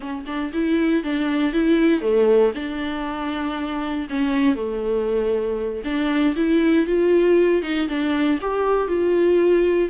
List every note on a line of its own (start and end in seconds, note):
0.00 0.24 C#4
0.26 0.52 D4
0.53 1.03 E4
1.03 1.53 D4
1.53 2.01 E4
2.01 2.52 A3
2.54 4.07 D4
4.09 4.55 C#4
4.55 5.82 A3
5.84 6.35 D4
6.36 6.86 E4
6.86 7.62 F4
7.62 7.88 D#4
7.88 8.39 D4
8.41 8.87 G4
8.87 9.89 F4